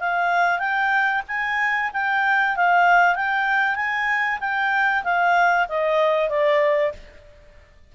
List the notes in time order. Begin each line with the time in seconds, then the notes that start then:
0.00 F5
0.59 G5
1.28 G#5
1.93 G5
2.57 F5
3.16 G5
3.76 G#5
4.40 G5
5.04 F5
5.69 D#5
6.30 D5